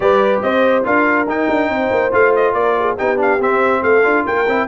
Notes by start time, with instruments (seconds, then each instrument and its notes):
0.00 tuba G3, trombone G4, horn B4, trumpet D5
0.42 tuba C4, horn C5, trumpet D#5
0.84 tuba D4, trombone F4, horn A#4, trumpet F5
1.27 tuba D#4, trombone D#4, trumpet G5
1.49 tuba D4
1.69 tuba C4, horn C5
1.91 tuba A#3
2.11 tuba A3, trombone F4, trumpet F5
2.35 trumpet D#5
2.53 tuba A#3, horn A#4, trumpet D5
2.79 horn G#4
2.96 tuba B3, trombone D#4, horn G4, trumpet G5
3.17 trombone D4, trumpet F5
3.39 tuba C4, trombone C4, trumpet E5
3.82 tuba A3, horn A4, trumpet F5
4.03 tuba D4, trombone F4
4.24 tuba A#3, horn A#4, trumpet G5
4.47 tuba C4, trombone E4